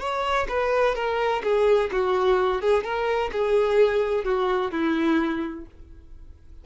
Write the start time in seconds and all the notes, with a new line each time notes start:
0.00 C#5
0.49 B4
0.95 A#4
1.43 G#4
1.92 F#4
2.61 G#4
2.84 A#4
3.32 G#4
4.25 F#4
4.72 E4